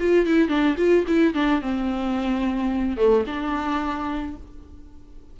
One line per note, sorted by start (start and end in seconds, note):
0.00 0.26 F4
0.26 0.49 E4
0.49 0.76 D4
0.78 1.05 F4
1.08 1.34 E4
1.34 1.61 D4
1.61 2.97 C4
2.97 3.25 A3
3.27 4.37 D4